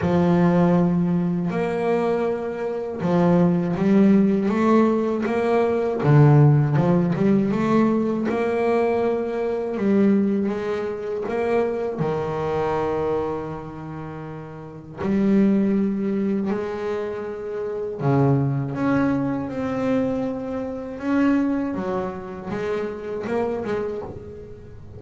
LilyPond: \new Staff \with { instrumentName = "double bass" } { \time 4/4 \tempo 4 = 80 f2 ais2 | f4 g4 a4 ais4 | d4 f8 g8 a4 ais4~ | ais4 g4 gis4 ais4 |
dis1 | g2 gis2 | cis4 cis'4 c'2 | cis'4 fis4 gis4 ais8 gis8 | }